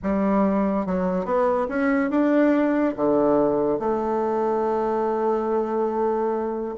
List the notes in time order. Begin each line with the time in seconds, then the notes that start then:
0.02 G3
0.86 F#3
1.25 B3
1.68 C#4
2.10 D4
2.96 D3
3.79 A3